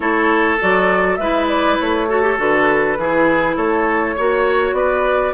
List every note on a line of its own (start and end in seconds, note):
0.00 0.57 A3
0.00 0.59 E4
0.00 1.19 A4
0.00 0.59 C#5
0.59 1.18 F#3
0.59 1.18 F#4
0.59 1.15 D5
1.15 1.77 G#3
1.15 2.08 E4
1.15 2.08 B4
1.15 1.45 E5
1.48 1.77 D5
1.79 2.38 A3
1.79 2.39 C#5
2.08 2.22 F#4
2.08 2.98 A4
2.22 2.37 G4
2.37 2.97 D3
2.37 2.96 F#4
2.37 3.56 B4
2.97 3.56 E3
2.97 4.17 E4
2.97 3.56 G#4
3.56 4.16 A3
3.56 4.15 A4
3.56 4.74 C#5
4.15 4.72 A#3
4.15 5.34 F#4
4.15 4.75 C#5
4.72 5.31 B3
4.72 5.34 B4
4.72 5.33 D5